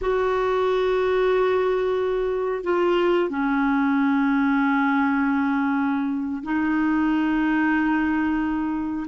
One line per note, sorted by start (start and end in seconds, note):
0.01 2.63 F#4
2.63 3.29 F4
3.29 6.43 C#4
6.43 9.07 D#4